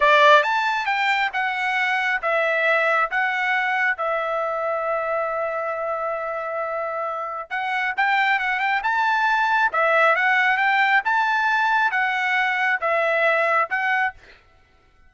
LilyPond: \new Staff \with { instrumentName = "trumpet" } { \time 4/4 \tempo 4 = 136 d''4 a''4 g''4 fis''4~ | fis''4 e''2 fis''4~ | fis''4 e''2.~ | e''1~ |
e''4 fis''4 g''4 fis''8 g''8 | a''2 e''4 fis''4 | g''4 a''2 fis''4~ | fis''4 e''2 fis''4 | }